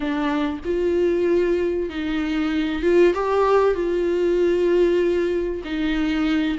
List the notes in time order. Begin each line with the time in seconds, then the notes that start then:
0.00 D4
0.64 F4
1.89 D#4
2.82 F4
3.14 G4
3.74 F4
5.64 D#4